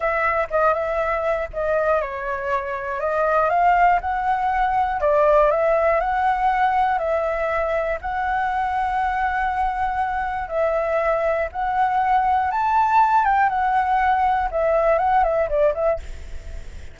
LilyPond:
\new Staff \with { instrumentName = "flute" } { \time 4/4 \tempo 4 = 120 e''4 dis''8 e''4. dis''4 | cis''2 dis''4 f''4 | fis''2 d''4 e''4 | fis''2 e''2 |
fis''1~ | fis''4 e''2 fis''4~ | fis''4 a''4. g''8 fis''4~ | fis''4 e''4 fis''8 e''8 d''8 e''8 | }